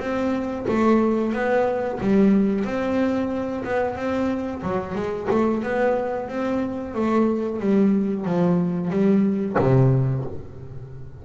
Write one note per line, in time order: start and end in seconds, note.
0.00 0.66 C4
0.68 1.33 A3
1.33 1.99 B3
2.00 2.65 G3
2.65 3.64 C4
3.64 3.96 B3
3.96 4.62 C4
4.63 4.95 F#3
4.95 5.28 G#3
5.30 5.63 A3
5.63 6.29 B3
6.29 6.95 C4
6.95 7.60 A3
7.60 8.25 G3
8.25 8.90 F3
8.90 9.56 G3
9.59 10.25 C3